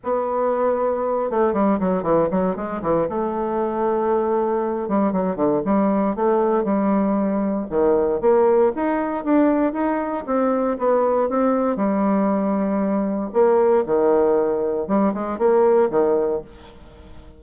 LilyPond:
\new Staff \with { instrumentName = "bassoon" } { \time 4/4 \tempo 4 = 117 b2~ b8 a8 g8 fis8 | e8 fis8 gis8 e8 a2~ | a4. g8 fis8 d8 g4 | a4 g2 dis4 |
ais4 dis'4 d'4 dis'4 | c'4 b4 c'4 g4~ | g2 ais4 dis4~ | dis4 g8 gis8 ais4 dis4 | }